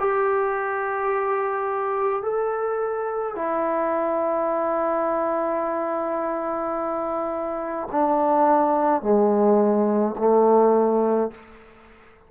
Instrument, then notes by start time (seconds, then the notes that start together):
trombone
0.00 G4
2.22 A4
3.36 E4
7.91 D4
9.02 G#3
10.18 A3